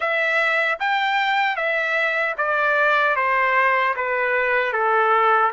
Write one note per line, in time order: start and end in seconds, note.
0.00 0.78 E5
0.79 1.56 G5
1.56 2.35 E5
2.37 3.16 D5
3.16 3.95 C5
3.95 4.72 B4
4.72 5.51 A4